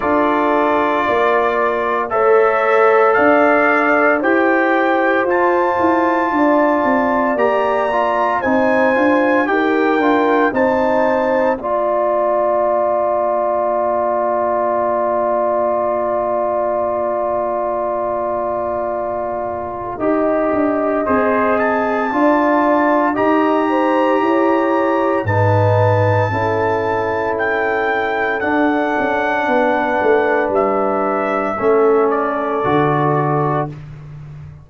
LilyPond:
<<
  \new Staff \with { instrumentName = "trumpet" } { \time 4/4 \tempo 4 = 57 d''2 e''4 f''4 | g''4 a''2 ais''4 | gis''4 g''4 a''4 ais''4~ | ais''1~ |
ais''1 | c''8 a''4. ais''2 | a''2 g''4 fis''4~ | fis''4 e''4. d''4. | }
  \new Staff \with { instrumentName = "horn" } { \time 4/4 a'4 d''4 cis''4 d''4 | c''2 d''2 | c''4 ais'4 c''4 d''4~ | d''1~ |
d''2. dis''4~ | dis''4 d''4 dis''8 c''8 cis''4 | b'4 a'2. | b'2 a'2 | }
  \new Staff \with { instrumentName = "trombone" } { \time 4/4 f'2 a'2 | g'4 f'2 g'8 f'8 | dis'8 f'8 g'8 f'8 dis'4 f'4~ | f'1~ |
f'2. g'4 | gis'4 f'4 g'2 | dis'4 e'2 d'4~ | d'2 cis'4 fis'4 | }
  \new Staff \with { instrumentName = "tuba" } { \time 4/4 d'4 ais4 a4 d'4 | e'4 f'8 e'8 d'8 c'8 ais4 | c'8 d'8 dis'8 d'8 c'4 ais4~ | ais1~ |
ais2. dis'8 d'8 | c'4 d'4 dis'4 e'4 | gis,4 cis'2 d'8 cis'8 | b8 a8 g4 a4 d4 | }
>>